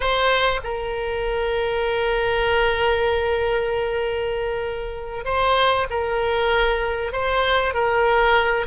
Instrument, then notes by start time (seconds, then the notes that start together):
oboe
0.00 C5
0.63 A#4
5.24 C5
5.90 A#4
7.12 C5
7.74 A#4